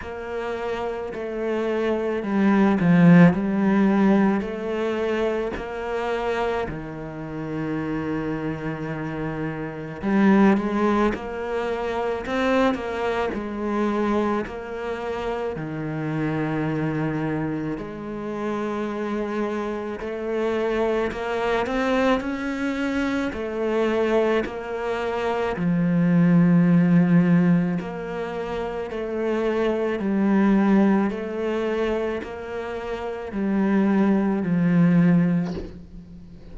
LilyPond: \new Staff \with { instrumentName = "cello" } { \time 4/4 \tempo 4 = 54 ais4 a4 g8 f8 g4 | a4 ais4 dis2~ | dis4 g8 gis8 ais4 c'8 ais8 | gis4 ais4 dis2 |
gis2 a4 ais8 c'8 | cis'4 a4 ais4 f4~ | f4 ais4 a4 g4 | a4 ais4 g4 f4 | }